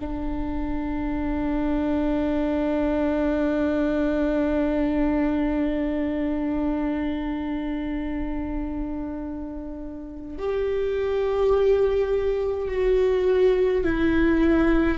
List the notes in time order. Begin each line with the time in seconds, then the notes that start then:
0.00 D4
10.38 G4
12.69 F#4
13.84 E4